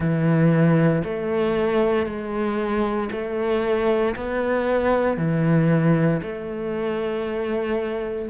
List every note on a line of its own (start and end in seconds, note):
0.00 1.03 E3
1.03 2.05 A3
2.05 3.09 G#3
3.11 4.15 A3
4.16 5.17 B3
5.17 6.20 E3
6.22 8.29 A3